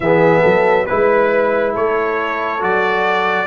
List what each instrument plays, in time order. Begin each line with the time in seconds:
0.00 tuba E3, trombone B3, horn G#4, trumpet E5
0.41 tuba F#3, horn A4
0.86 tuba G#3, trombone E4, trumpet B4, horn B4
1.73 tuba A3, horn A4, trumpet C#5
2.59 tuba F#3, trombone F#4, trumpet D5